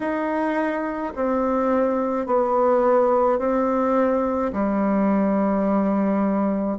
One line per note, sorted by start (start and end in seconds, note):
0.00 1.13 D#4
1.15 2.26 C4
2.26 3.39 B3
3.39 4.52 C4
4.53 6.78 G3